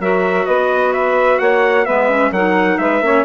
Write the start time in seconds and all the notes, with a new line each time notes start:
0.00 F#3 F#4 A#4 E5
0.46 B3 B4 D#5
0.93 E5
1.39 A#3 C#5 F#5
1.85 G#3 B3 B4 E5
2.10 C#4
2.32 F#3 D#4 A#4 F#5
2.79 G#3 B4 E5
3.02 A#3 C#4 C#5